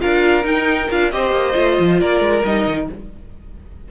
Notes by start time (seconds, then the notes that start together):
0.00 D4 F4 A#4 F5
0.43 D#4 G5
0.91 D4 F4 F5
1.12 C4 G4 C5 D#5
1.32 A#3
1.53 A3 F4
1.80 F3
2.00 A#3 A#4 D5
2.21 G#3
2.45 G3 D#4 D#5
2.67 D#3